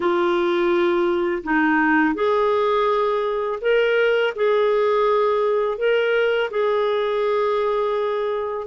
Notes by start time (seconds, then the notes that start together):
0.00 F4
1.43 D#4
2.14 G#4
3.61 A#4
4.35 G#4
5.77 A#4
6.50 G#4